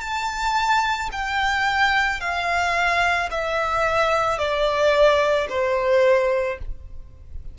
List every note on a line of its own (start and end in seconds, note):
0.00 1.09 A5
1.12 2.20 G5
2.20 3.29 F5
3.30 4.38 E5
4.38 5.47 D5
5.49 6.58 C5